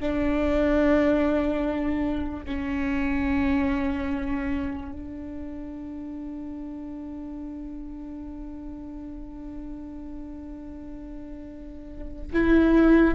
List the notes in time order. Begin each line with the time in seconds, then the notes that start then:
0.00 D4
2.46 C#4
4.93 D4
12.33 E4